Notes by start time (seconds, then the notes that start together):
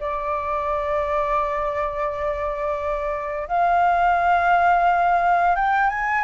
0.00 D5
3.48 F5
5.56 G5
5.90 G#5